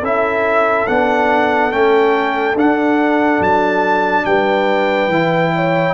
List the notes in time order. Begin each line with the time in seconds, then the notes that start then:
0.00 C#4 E4 A4 E5
0.87 B3 D4 F#5
1.71 A3 C#4 G5
2.54 D4 F#5
3.39 F#3 A5
4.25 G3 B4 G5
5.07 E3 E4
5.55 C#5